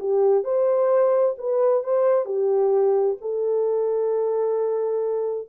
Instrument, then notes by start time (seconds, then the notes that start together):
horn
0.00 G4
0.45 C5
1.38 B4
1.84 C5
2.25 G4
3.22 A4